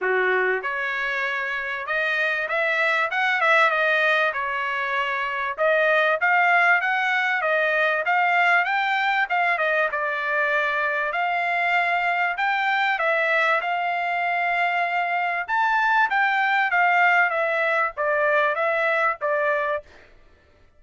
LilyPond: \new Staff \with { instrumentName = "trumpet" } { \time 4/4 \tempo 4 = 97 fis'4 cis''2 dis''4 | e''4 fis''8 e''8 dis''4 cis''4~ | cis''4 dis''4 f''4 fis''4 | dis''4 f''4 g''4 f''8 dis''8 |
d''2 f''2 | g''4 e''4 f''2~ | f''4 a''4 g''4 f''4 | e''4 d''4 e''4 d''4 | }